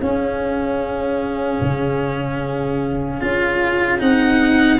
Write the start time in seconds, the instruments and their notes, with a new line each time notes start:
0.00 tuba C#4, cello C#4, clarinet G#4, violin F5
1.61 tuba C#3
3.21 tuba C#4, cello F4
3.98 tuba C4, cello D#4, violin F#5